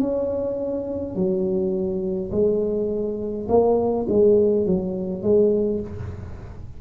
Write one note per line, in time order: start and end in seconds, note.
0.00 1.15 C#4
1.15 2.31 F#3
2.32 3.48 G#3
3.49 4.07 A#3
4.09 4.66 G#3
4.66 5.23 F#3
5.23 5.81 G#3